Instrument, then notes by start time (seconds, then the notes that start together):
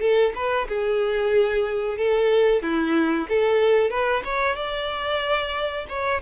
violin
0.00 A4
0.35 B4
0.68 G#4
1.97 A4
2.62 E4
3.28 A4
3.90 B4
4.25 C#5
4.55 D5
5.88 C#5